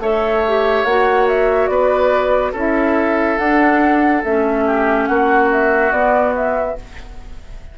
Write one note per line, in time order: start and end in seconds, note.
0.00 0.85 A3
0.00 0.44 A4
0.00 1.71 C#5
0.00 0.85 E5
0.48 0.88 G4
0.85 1.68 A#3
0.85 2.56 F#4
0.85 1.27 F#5
1.28 1.67 E5
1.67 2.53 B3
1.67 2.52 B4
1.67 2.52 D5
2.52 3.38 C#4
2.52 3.40 E4
2.52 4.63 A4
2.59 3.38 E5
3.38 4.23 D4
3.38 4.24 D4
3.38 4.23 F#5
4.24 5.09 A3
4.24 5.92 C#4
4.24 5.07 E5
4.67 5.09 G4
5.07 5.92 A#3
5.07 6.78 F#4
5.07 5.49 F#5
5.52 5.92 E5
5.92 6.76 B3
5.92 6.34 D5
6.36 6.78 E5